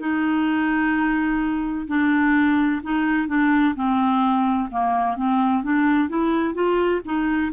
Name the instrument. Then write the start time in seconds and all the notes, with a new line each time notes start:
clarinet
0.00 D#4
1.88 D4
2.83 D#4
3.28 D4
3.75 C4
4.71 A#3
5.16 C4
5.63 D4
6.09 E4
6.55 F4
7.05 D#4